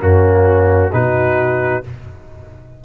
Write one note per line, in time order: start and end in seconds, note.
0.00 0.92 F#2
0.00 0.91 A#3
0.00 0.91 C#4
0.00 0.93 F#4
0.92 1.84 B2
0.92 1.83 D#4
0.92 1.84 F#4
0.92 1.84 B4